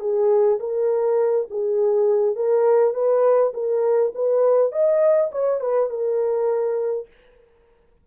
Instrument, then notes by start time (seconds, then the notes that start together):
horn
0.00 G#4
0.59 A#4
1.51 G#4
2.36 A#4
2.94 B4
3.54 A#4
4.15 B4
4.72 D#5
5.32 C#5
5.60 B4
5.89 A#4